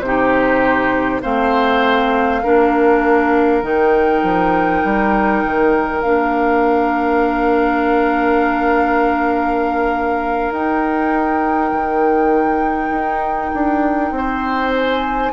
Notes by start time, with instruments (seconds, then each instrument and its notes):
0.00 bassoon C3, clarinet D#4, oboe G4, flute C5
1.22 bassoon A3, clarinet C4, oboe C5, flute F5
2.42 bassoon A#3, clarinet D4, oboe A#4
3.62 bassoon D#3, clarinet D#4, flute G5
4.22 bassoon F3
4.83 bassoon G3
5.44 bassoon D#3
6.02 bassoon A#3, clarinet D4, flute F5
10.51 bassoon D#4, clarinet D#4, flute G5
11.71 bassoon D#3
12.90 bassoon D#4
13.54 bassoon D4
14.11 bassoon C4, oboe C5
14.75 flute G#5